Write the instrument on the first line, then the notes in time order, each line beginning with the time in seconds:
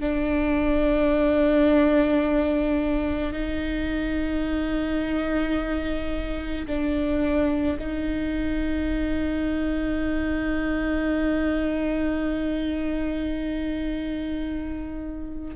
viola
0.00 D4
3.32 D#4
6.66 D4
7.78 D#4